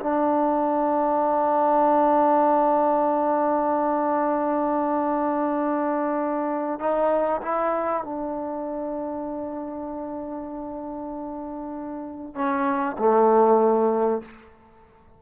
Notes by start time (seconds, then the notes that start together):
0.00 D4
6.80 D#4
7.42 E4
8.04 D4
12.35 C#4
12.98 A3